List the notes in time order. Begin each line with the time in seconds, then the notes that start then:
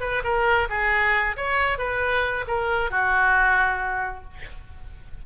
0.00 B4
0.23 A#4
0.69 G#4
1.37 C#5
1.78 B4
2.47 A#4
2.90 F#4